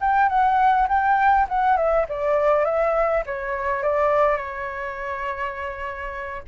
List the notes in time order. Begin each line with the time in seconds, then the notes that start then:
0.00 G5
0.28 F#5
0.88 G5
1.49 F#5
1.76 E5
2.08 D5
2.65 E5
3.26 C#5
3.82 D5
4.37 C#5